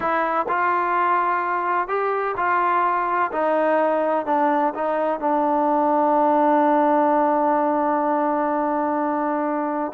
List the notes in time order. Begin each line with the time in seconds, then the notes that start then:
0.00 E4
0.48 F4
1.88 G4
2.36 F4
3.32 D#4
4.26 D4
4.74 D#4
5.20 D4